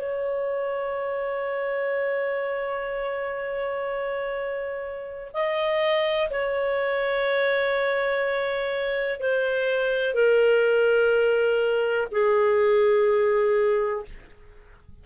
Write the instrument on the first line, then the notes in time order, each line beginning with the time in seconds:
clarinet
0.00 C#5
5.34 D#5
6.30 C#5
9.20 C5
10.15 A#4
12.12 G#4